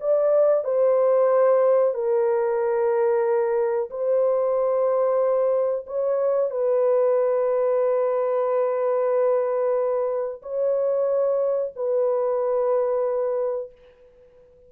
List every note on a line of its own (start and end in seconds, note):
0.00 0.64 D5
0.64 1.94 C5
1.94 3.90 A#4
3.90 5.86 C5
5.87 6.51 C#5
6.51 10.42 B4
10.42 11.73 C#5
11.76 13.72 B4